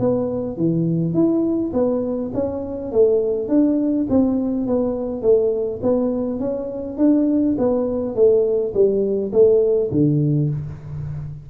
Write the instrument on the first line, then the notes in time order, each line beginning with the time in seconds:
tuba
0.00 B3
0.57 E3
1.14 E4
1.73 B3
2.35 C#4
2.92 A3
3.49 D4
4.10 C4
4.67 B3
5.22 A3
5.83 B3
6.40 C#4
6.98 D4
7.58 B3
8.16 A3
8.74 G3
9.33 A3
9.92 D3